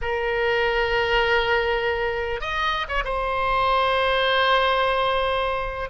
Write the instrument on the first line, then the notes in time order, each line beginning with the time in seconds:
oboe
0.01 A#4
2.40 D#5
2.88 C#5
3.04 C5